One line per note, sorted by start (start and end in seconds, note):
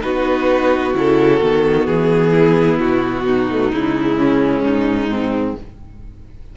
0.00 0.94 B3
0.00 0.92 D#4
0.00 2.30 F#4
0.00 0.94 B4
0.94 1.40 C#3
0.94 1.40 E4
0.94 1.87 A4
1.41 1.87 D#3
1.41 3.49 B3
1.87 2.80 E3
1.87 2.79 G#4
2.30 3.22 E4
2.79 3.72 B2
2.79 3.72 F#4
3.25 4.17 D#4
3.50 3.72 A3
3.72 4.62 C#3
3.72 5.56 G#3
3.72 4.63 E4
4.17 5.09 C#4
4.62 5.54 G#2
4.62 5.56 D#4
5.09 5.56 C4